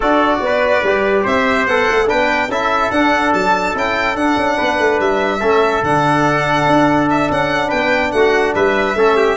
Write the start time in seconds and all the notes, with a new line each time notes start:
0.00 D4 F#4 A4 D5
0.40 B3 B4
0.83 G3 G4
1.23 C4 C5 E5
1.66 B3 A4 F#5
1.90 A3
2.07 B3 D4 B4 G5
2.48 C#4 E4 A4 E5
2.91 D4 F#5
3.33 F#3 A5
3.74 C#4 E4 G5
4.15 D4 F#5
4.36 C#4
4.56 B3 B4
4.79 A3
4.99 G3 E5
5.39 A3 C#4 A4
5.82 D3 D4 F#5
6.66 D4
7.10 E5
7.30 C#4 F#5
7.67 B3 B4 G5
8.11 A3 F#4 F#5
8.54 G3 B4 E5
8.94 A3 C#4 A4
9.16 G4